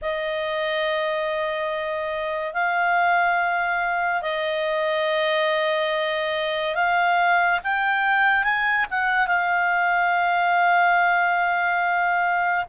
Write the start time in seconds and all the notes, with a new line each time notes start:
0.01 D#5
2.54 F5
4.21 D#5
6.75 F5
7.63 G5
8.43 G#5
8.90 F#5
9.27 F5